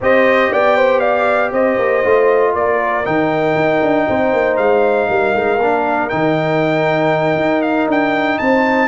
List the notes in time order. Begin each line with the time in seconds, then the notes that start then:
0.00 C4 G4 C5 D#5
0.51 B3 D5 G5
0.76 C5
0.99 D5 F5
1.52 C4 C5 D#5
1.78 A#3
2.04 A3 F4
2.54 A#3 A#4 D5
3.04 D#3 D#4 G5
3.55 D#4
3.82 D4
4.07 C4 C5
4.32 A#3
4.56 G#3 F5
5.08 G3 A#4
5.34 G#3
5.58 A#3 D4
6.09 D#3 D#4 G5
7.35 D#4
7.61 F5
7.87 D4 G5
8.38 C4 C5 A5